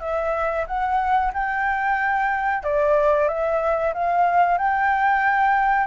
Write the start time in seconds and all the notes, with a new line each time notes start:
0.00 E5
0.67 F#5
1.33 G5
2.63 D5
3.28 E5
3.94 F5
4.58 G5